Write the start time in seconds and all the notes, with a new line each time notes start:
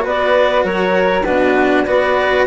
0.00 B3 F#4 B4
0.06 D5
0.63 F#3 A#4 C#5
1.23 B2 D4 F#4 B4
1.85 B3 F#4 B4 D5